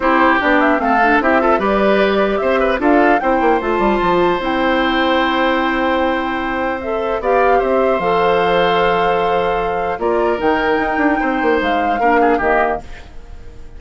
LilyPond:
<<
  \new Staff \with { instrumentName = "flute" } { \time 4/4 \tempo 4 = 150 c''4 d''8 e''8 f''4 e''4 | d''2 e''4 f''4 | g''4 a''2 g''4~ | g''1~ |
g''4 e''4 f''4 e''4 | f''1~ | f''4 d''4 g''2~ | g''4 f''2 dis''4 | }
  \new Staff \with { instrumentName = "oboe" } { \time 4/4 g'2 a'4 g'8 a'8 | b'2 c''8 b'8 a'4 | c''1~ | c''1~ |
c''2 d''4 c''4~ | c''1~ | c''4 ais'2. | c''2 ais'8 gis'8 g'4 | }
  \new Staff \with { instrumentName = "clarinet" } { \time 4/4 e'4 d'4 c'8 d'8 e'8 f'8 | g'2. f'4 | e'4 f'2 e'4~ | e'1~ |
e'4 a'4 g'2 | a'1~ | a'4 f'4 dis'2~ | dis'2 d'4 ais4 | }
  \new Staff \with { instrumentName = "bassoon" } { \time 4/4 c'4 b4 a4 c'4 | g2 c'4 d'4 | c'8 ais8 a8 g8 f4 c'4~ | c'1~ |
c'2 b4 c'4 | f1~ | f4 ais4 dis4 dis'8 d'8 | c'8 ais8 gis4 ais4 dis4 | }
>>